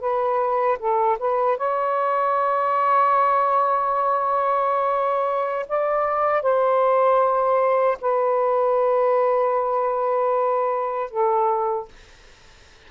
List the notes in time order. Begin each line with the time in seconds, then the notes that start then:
0.00 B4
0.79 A4
1.19 B4
1.57 C#5
5.68 D5
6.42 C5
8.01 B4
11.10 A4